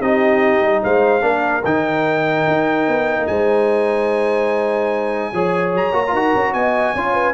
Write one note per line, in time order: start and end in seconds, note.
0.00 0.61 C4
0.00 1.21 D#4
0.00 0.83 G4
0.00 0.83 D#5
0.61 0.82 G3
0.83 1.22 G#3
0.83 1.23 C5
0.83 1.65 F5
1.21 1.63 A#3
1.21 1.62 D4
1.21 3.27 A#4
1.64 2.46 D#3
1.64 5.34 D#4
1.64 3.27 G5
2.47 2.88 D#4
2.88 3.18 B3
3.18 3.28 A#3
3.27 5.33 G#3
3.27 5.33 C5
3.27 5.72 G#5
5.33 5.74 F3
5.33 5.93 G#4
5.33 6.12 C#5
5.74 5.92 F#3
5.74 6.53 A#5
5.92 6.13 A#3
5.92 6.03 F#4
6.07 6.33 D#4
6.07 6.16 F4
6.07 6.53 A#4
6.16 6.97 F#4
6.35 6.54 C#4
6.53 6.95 B3
6.53 6.95 D#5
6.53 7.34 G#5
6.95 7.34 C#4
6.95 7.34 F4
6.95 7.14 C#5
7.14 7.34 B4